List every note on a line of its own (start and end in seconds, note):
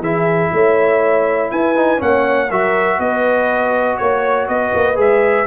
0.00 0.50 E3
0.00 1.76 E4
0.00 0.52 G#4
0.00 1.51 E5
0.53 1.51 A3
0.53 1.52 C#5
1.51 2.01 E4
1.51 2.01 B4
1.51 2.01 G#5
1.76 1.98 D#4
1.98 2.51 A#3
1.98 2.47 C#4
1.98 2.48 C#5
1.98 2.51 F#5
2.48 2.99 F#3
2.48 4.95 F#4
2.48 2.98 A#4
2.48 3.00 E5
2.99 3.98 B3
2.99 4.00 B4
2.99 3.97 D#5
3.97 4.48 A#3
3.97 4.47 C#5
3.97 4.49 C#5
4.48 4.73 B3
4.48 5.47 B4
4.48 4.98 D#5
4.75 4.98 A#3
4.95 5.47 G#3
4.95 5.45 G#4
4.95 5.47 E5